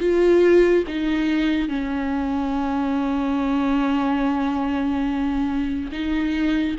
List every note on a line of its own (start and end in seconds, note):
0.00 0.85 F4
0.88 1.69 D#4
1.69 5.92 C#4
5.92 6.77 D#4